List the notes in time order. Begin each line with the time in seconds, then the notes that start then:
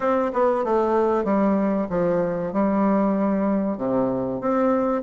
0.00 C4
0.33 B3
0.64 A3
1.24 G3
1.89 F3
2.52 G3
3.77 C3
4.40 C4